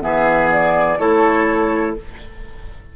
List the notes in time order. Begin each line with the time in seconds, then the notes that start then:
0.00 E3 B3 G#4 E5
0.51 D5
0.98 A3 E4 A4 C#5